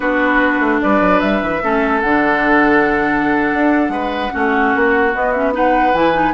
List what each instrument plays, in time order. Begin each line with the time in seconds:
0.00 bassoon B3, clarinet D4, oboe F#4, flute B4
0.59 bassoon A3
0.81 bassoon G3, oboe B4, flute D5
1.00 bassoon F#3
1.19 bassoon G3, flute E5
1.42 bassoon E3
1.62 bassoon A3, clarinet C#4, oboe A4
2.01 bassoon D3, clarinet D4, flute F#5
3.53 bassoon D4
3.88 bassoon G#3, oboe B4
4.31 bassoon A3, clarinet C#4, oboe F#4
4.75 bassoon A#3
5.13 clarinet B3, bassoon B3, flute D#5
5.32 clarinet C#4, flute E5
5.52 clarinet D#4, oboe B4, flute F#5
5.93 bassoon E3, clarinet E4, flute G#5
6.13 clarinet D#4